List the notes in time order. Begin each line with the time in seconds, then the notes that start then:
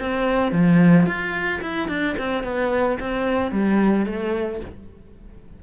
0.00 C4
0.52 F3
1.07 F4
1.62 E4
1.89 D4
2.18 C4
2.44 B3
3.00 C4
3.52 G3
4.06 A3